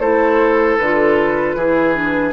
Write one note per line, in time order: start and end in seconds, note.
0.00 0.78 A3
0.00 0.79 E4
0.00 1.56 A4
0.00 0.77 C5
0.77 1.55 D3
0.77 2.33 B4
0.83 1.60 F4
1.55 2.33 E3
1.55 1.94 E4
1.55 2.33 G#4
1.94 2.33 D4